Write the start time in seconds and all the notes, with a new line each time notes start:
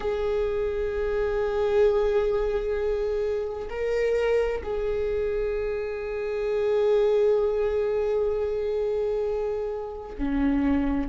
0.00 G#4
3.69 A#4
4.63 G#4
10.17 C#4